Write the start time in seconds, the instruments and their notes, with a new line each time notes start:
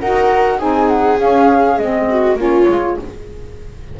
0.00 double bass D#4, saxophone F#4, viola A#4, flute F#5
0.59 double bass C4, saxophone D#4, viola G#4, flute G#5
0.89 flute F#5
1.18 saxophone C#4, double bass C#4, flute F5
1.78 double bass G#3, saxophone C4, flute D#5
2.10 viola F#4
2.36 double bass A#3, saxophone C#4, viola F4, flute C#5
2.68 double bass G#3, saxophone F4